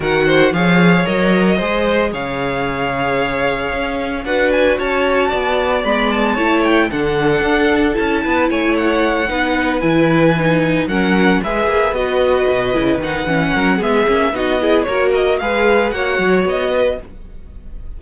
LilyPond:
<<
  \new Staff \with { instrumentName = "violin" } { \time 4/4 \tempo 4 = 113 fis''4 f''4 dis''2 | f''1 | fis''8 gis''8 a''2 b''8 a''8~ | a''8 g''8 fis''2 a''4 |
gis''8 fis''2 gis''4.~ | gis''8 fis''4 e''4 dis''4.~ | dis''8 fis''4. e''4 dis''4 | cis''8 dis''8 f''4 fis''4 dis''4 | }
  \new Staff \with { instrumentName = "violin" } { \time 4/4 ais'8 c''8 cis''2 c''4 | cis''1 | b'4 cis''4 d''2 | cis''4 a'2~ a'8 b'8 |
cis''4. b'2~ b'8~ | b'8 ais'4 b'2~ b'8~ | b'4. ais'8 gis'4 fis'8 gis'8 | ais'4 b'4 cis''4. b'8 | }
  \new Staff \with { instrumentName = "viola" } { \time 4/4 fis'4 gis'4 ais'4 gis'4~ | gis'1 | fis'2. b4 | e'4 d'2 e'4~ |
e'4. dis'4 e'4 dis'8~ | dis'8 cis'4 gis'4 fis'4. | e'8 dis'8 cis'4 b8 cis'8 dis'8 e'8 | fis'4 gis'4 fis'2 | }
  \new Staff \with { instrumentName = "cello" } { \time 4/4 dis4 f4 fis4 gis4 | cis2. cis'4 | d'4 cis'4 b4 gis4 | a4 d4 d'4 cis'8 b8 |
a4. b4 e4.~ | e8 fis4 gis8 ais8 b4 b,8 | cis8 dis8 e8 fis8 gis8 ais8 b4 | ais4 gis4 ais8 fis8 b4 | }
>>